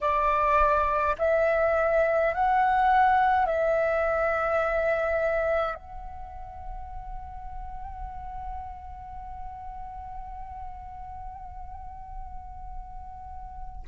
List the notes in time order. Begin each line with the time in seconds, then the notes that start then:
0.00 D5
1.18 E5
2.33 F#5
3.46 E5
5.74 F#5